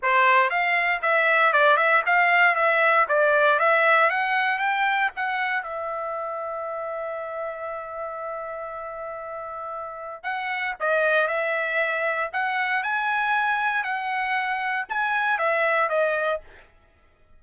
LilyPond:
\new Staff \with { instrumentName = "trumpet" } { \time 4/4 \tempo 4 = 117 c''4 f''4 e''4 d''8 e''8 | f''4 e''4 d''4 e''4 | fis''4 g''4 fis''4 e''4~ | e''1~ |
e''1 | fis''4 dis''4 e''2 | fis''4 gis''2 fis''4~ | fis''4 gis''4 e''4 dis''4 | }